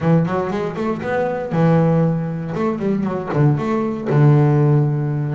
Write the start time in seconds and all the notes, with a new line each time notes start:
0.00 E3
0.25 F#3
0.50 G#3
0.76 A3
1.02 B3
1.52 E3
2.54 A3
2.78 G3
3.03 F#3
3.33 D3
3.57 A3
4.10 D3